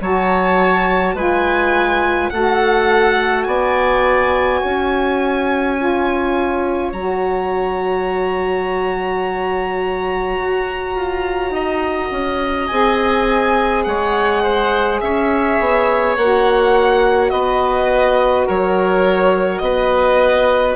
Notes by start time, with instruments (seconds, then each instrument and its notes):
0.00 bassoon F#3, saxophone F#4, oboe C#5, violin A5
1.14 bassoon G#3, saxophone F4, oboe B4, violin G#5
2.30 bassoon A3, saxophone F#4, oboe A4, violin F#5
3.43 bassoon B3, oboe D5, violin G#5
4.61 bassoon C#4, oboe C#5
5.77 saxophone F4
6.92 bassoon F#3, saxophone F#4, violin A#5
10.38 bassoon F#4
10.95 bassoon F4
11.50 bassoon D#4, oboe D#5
12.11 bassoon C#4
12.67 bassoon C4, saxophone G#4, violin G#5
13.84 bassoon G#3, oboe C#5, violin F#5
14.43 oboe C5
15.00 bassoon C#4, oboe C#5, violin E5
15.59 bassoon B3
16.17 bassoon A#3, saxophone F#4, violin F#5
17.30 bassoon B3, oboe B4, violin D#5
18.46 bassoon F#3, oboe A#4, violin C#5
19.58 bassoon B3, oboe B4, violin D#5